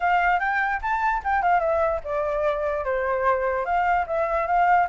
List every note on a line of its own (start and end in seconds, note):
0.00 0.39 F5
0.39 0.80 G5
0.81 1.22 A5
1.23 1.42 G5
1.42 1.60 F5
1.60 2.00 E5
2.04 2.84 D5
2.84 3.65 C5
3.65 4.05 F5
4.06 4.46 E5
4.46 4.87 F5